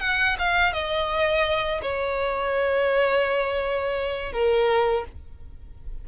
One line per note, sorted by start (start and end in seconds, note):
0.00 0.36 F#5
0.39 0.73 F5
0.73 1.81 D#5
1.82 4.32 C#5
4.32 5.05 A#4